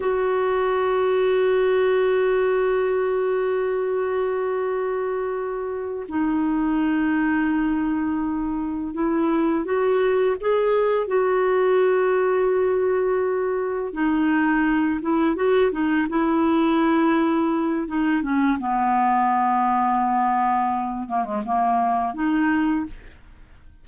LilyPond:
\new Staff \with { instrumentName = "clarinet" } { \time 4/4 \tempo 4 = 84 fis'1~ | fis'1~ | fis'8 dis'2.~ dis'8~ | dis'8 e'4 fis'4 gis'4 fis'8~ |
fis'2.~ fis'8 dis'8~ | dis'4 e'8 fis'8 dis'8 e'4.~ | e'4 dis'8 cis'8 b2~ | b4. ais16 gis16 ais4 dis'4 | }